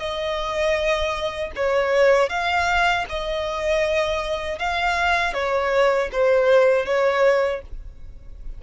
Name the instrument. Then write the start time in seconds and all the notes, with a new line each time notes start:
violin
0.00 D#5
1.56 C#5
2.30 F5
3.10 D#5
4.59 F5
5.34 C#5
6.12 C5
6.86 C#5